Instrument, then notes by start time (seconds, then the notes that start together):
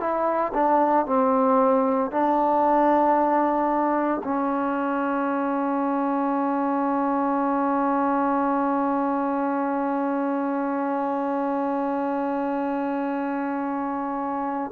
trombone
0.00 E4
0.54 D4
1.06 C4
2.11 D4
4.24 C#4